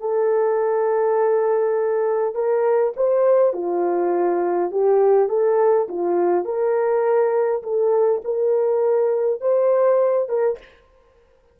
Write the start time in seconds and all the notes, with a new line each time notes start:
0.00 A4
2.35 A#4
2.97 C5
3.53 F4
4.71 G4
5.29 A4
5.89 F4
6.45 A#4
7.63 A4
8.24 A#4
9.41 C5
10.29 A#4